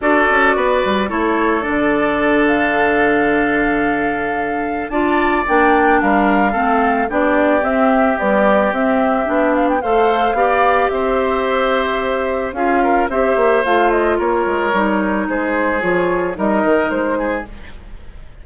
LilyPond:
<<
  \new Staff \with { instrumentName = "flute" } { \time 4/4 \tempo 4 = 110 d''2 cis''4 d''4~ | d''8 f''2.~ f''8~ | f''4 a''4 g''4 f''4~ | f''4 d''4 e''4 d''4 |
e''4. f''16 g''16 f''2 | e''2. f''4 | e''4 f''8 dis''8 cis''2 | c''4 cis''4 dis''4 c''4 | }
  \new Staff \with { instrumentName = "oboe" } { \time 4/4 a'4 b'4 a'2~ | a'1~ | a'4 d''2 ais'4 | a'4 g'2.~ |
g'2 c''4 d''4 | c''2. gis'8 ais'8 | c''2 ais'2 | gis'2 ais'4. gis'8 | }
  \new Staff \with { instrumentName = "clarinet" } { \time 4/4 fis'2 e'4 d'4~ | d'1~ | d'4 f'4 d'2 | c'4 d'4 c'4 g4 |
c'4 d'4 a'4 g'4~ | g'2. f'4 | g'4 f'2 dis'4~ | dis'4 f'4 dis'2 | }
  \new Staff \with { instrumentName = "bassoon" } { \time 4/4 d'8 cis'8 b8 g8 a4 d4~ | d1~ | d4 d'4 ais4 g4 | a4 b4 c'4 b4 |
c'4 b4 a4 b4 | c'2. cis'4 | c'8 ais8 a4 ais8 gis8 g4 | gis4 f4 g8 dis8 gis4 | }
>>